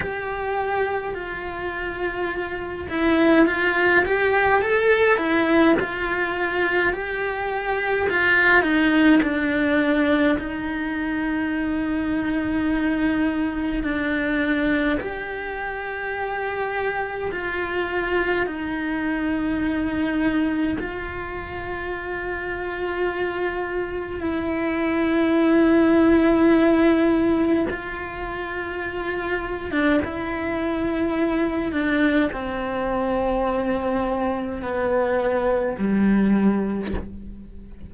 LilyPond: \new Staff \with { instrumentName = "cello" } { \time 4/4 \tempo 4 = 52 g'4 f'4. e'8 f'8 g'8 | a'8 e'8 f'4 g'4 f'8 dis'8 | d'4 dis'2. | d'4 g'2 f'4 |
dis'2 f'2~ | f'4 e'2. | f'4.~ f'16 d'16 e'4. d'8 | c'2 b4 g4 | }